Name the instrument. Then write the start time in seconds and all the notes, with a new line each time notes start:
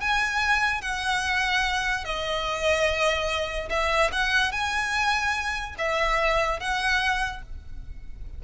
violin
0.00 G#5
0.81 F#5
2.04 D#5
3.69 E5
4.12 F#5
4.51 G#5
5.78 E5
6.59 F#5